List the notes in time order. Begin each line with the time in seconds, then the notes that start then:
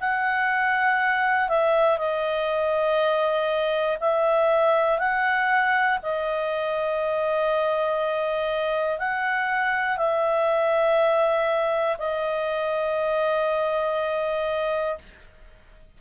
0.00 F#5
1.49 E5
1.98 D#5
4.00 E5
4.99 F#5
6.03 D#5
8.99 F#5
9.97 E5
11.99 D#5